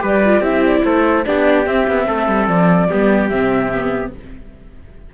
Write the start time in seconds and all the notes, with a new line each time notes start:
0.00 G3 G4 B4
0.06 D5
0.25 F4
0.40 C4 E4 G4 E5
0.66 D5
0.85 A3 A4 C5
1.26 B3 D4 G4 D5
1.66 C4 E5
1.88 B3
2.07 A3 A4
2.28 G3
2.48 F3 D5
2.89 G3 B3 G4
3.29 C3 C4 E5
3.73 B3